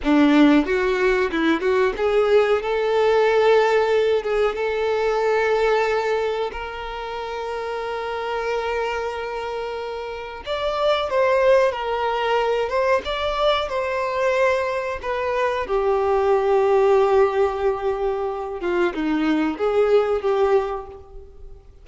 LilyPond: \new Staff \with { instrumentName = "violin" } { \time 4/4 \tempo 4 = 92 d'4 fis'4 e'8 fis'8 gis'4 | a'2~ a'8 gis'8 a'4~ | a'2 ais'2~ | ais'1 |
d''4 c''4 ais'4. c''8 | d''4 c''2 b'4 | g'1~ | g'8 f'8 dis'4 gis'4 g'4 | }